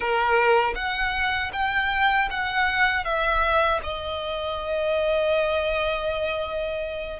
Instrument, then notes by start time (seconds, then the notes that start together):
violin
0.00 A#4
0.75 F#5
1.52 G5
2.30 F#5
3.04 E5
3.83 D#5